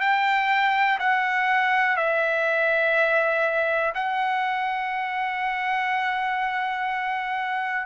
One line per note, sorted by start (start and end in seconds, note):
0.00 0.98 G5
0.99 1.96 F#5
1.96 3.93 E5
3.94 7.86 F#5